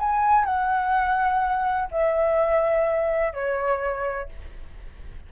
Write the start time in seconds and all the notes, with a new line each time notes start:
0.00 G#5
0.45 F#5
1.92 E5
3.34 C#5